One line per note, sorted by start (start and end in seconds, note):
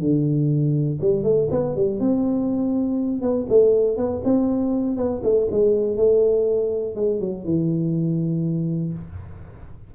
0.00 0.99 D3
1.01 1.24 G3
1.24 1.49 A3
1.51 1.76 B3
1.76 2.00 G3
2.00 3.22 C4
3.22 3.47 B3
3.49 3.97 A3
3.97 4.22 B3
4.25 4.97 C4
4.97 5.22 B3
5.24 5.48 A3
5.51 5.97 G#3
5.97 6.96 A3
6.96 7.21 G#3
7.21 7.45 F#3
7.45 8.94 E3